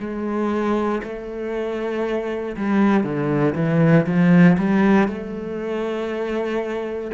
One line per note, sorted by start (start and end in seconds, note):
0.00 1.02 G#3
1.04 2.56 A3
2.57 3.04 G3
3.04 3.55 D3
3.55 4.06 E3
4.06 4.57 F3
4.58 5.08 G3
5.08 7.11 A3